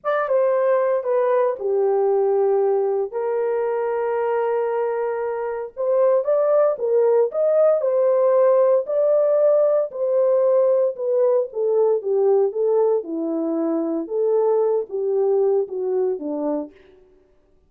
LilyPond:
\new Staff \with { instrumentName = "horn" } { \time 4/4 \tempo 4 = 115 d''8 c''4. b'4 g'4~ | g'2 ais'2~ | ais'2. c''4 | d''4 ais'4 dis''4 c''4~ |
c''4 d''2 c''4~ | c''4 b'4 a'4 g'4 | a'4 e'2 a'4~ | a'8 g'4. fis'4 d'4 | }